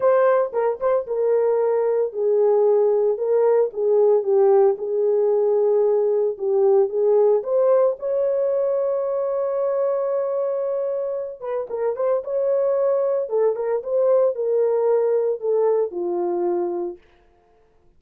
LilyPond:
\new Staff \with { instrumentName = "horn" } { \time 4/4 \tempo 4 = 113 c''4 ais'8 c''8 ais'2 | gis'2 ais'4 gis'4 | g'4 gis'2. | g'4 gis'4 c''4 cis''4~ |
cis''1~ | cis''4. b'8 ais'8 c''8 cis''4~ | cis''4 a'8 ais'8 c''4 ais'4~ | ais'4 a'4 f'2 | }